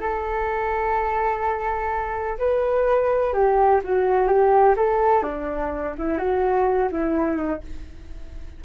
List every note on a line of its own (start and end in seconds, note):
0.00 2.38 A4
2.39 3.33 B4
3.33 3.81 G4
3.84 4.28 F#4
4.28 4.75 G4
4.77 5.23 A4
5.23 5.94 D4
5.98 6.18 E4
6.18 6.90 F#4
6.92 7.37 E4
7.37 7.61 D#4